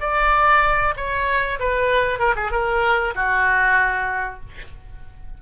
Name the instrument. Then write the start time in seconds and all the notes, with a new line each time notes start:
oboe
0.00 D5
0.96 C#5
1.59 B4
2.19 A#4
2.36 G#4
2.51 A#4
3.15 F#4